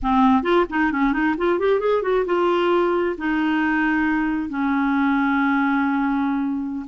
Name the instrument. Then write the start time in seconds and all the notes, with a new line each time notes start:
clarinet
0.02 C4
0.42 F4
0.69 D#4
0.91 C#4
1.12 D#4
1.37 F4
1.59 G4
1.79 G#4
2.02 F#4
2.25 F4
3.17 D#4
4.49 C#4